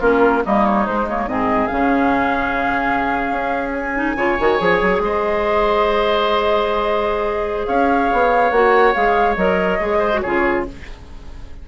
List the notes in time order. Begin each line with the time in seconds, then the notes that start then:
0.00 A#3 C#4 F4 A#4
0.45 G3 A#3 D#4 D#5
0.65 C#5
0.86 G#3 C5
1.08 A#3 C#5
1.26 G#2 C4 G#4 D#5
1.67 C#3 C#4 F5
3.30 C#4
3.72 G#5
3.94 D#4
4.16 C#3 F4 C#5
4.39 D#3 F#4
4.58 F3 G#4
4.81 F#3
4.99 G#3 C5 D#5
7.66 C#4 C#5 F5
8.12 B3
8.50 A#3 F#4 F#5
8.93 G#3 G#4 F5
9.36 F#3 A#4 D#5
9.79 G#3 G#4
9.98 C5
10.13 F#4
10.20 C#3 F4 G#4 C#5